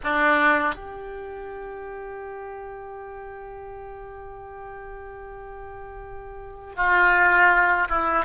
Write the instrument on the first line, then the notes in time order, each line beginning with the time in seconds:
oboe
0.03 D4
0.74 G4
6.75 F4
7.88 E4